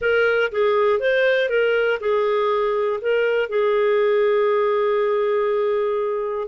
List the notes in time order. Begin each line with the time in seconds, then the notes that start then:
0.01 A#4
0.51 G#4
0.99 C5
1.49 A#4
2.00 G#4
3.01 A#4
3.49 G#4